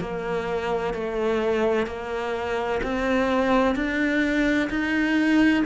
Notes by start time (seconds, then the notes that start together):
0.00 A#3
0.94 A3
1.87 A#3
2.83 C4
3.75 D4
4.70 D#4